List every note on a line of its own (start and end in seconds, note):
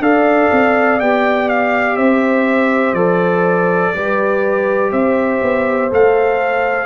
0.00 0.49 D4
0.00 1.01 A4
0.00 1.97 D5
0.00 1.00 F5
0.52 1.01 C4
1.00 1.98 B3
1.00 2.96 G4
1.00 1.49 G5
1.49 1.97 F5
1.97 2.94 C4
1.97 3.93 C5
1.97 2.94 E5
2.94 3.92 F3
2.94 3.94 A4
2.94 4.91 D5
3.94 4.92 G3
3.94 5.91 G4
3.94 4.92 B4
4.92 5.42 C4
4.92 6.86 C5
4.92 5.91 E5
5.42 5.92 B3
5.91 6.86 A3
5.91 6.86 A4
5.91 6.86 F5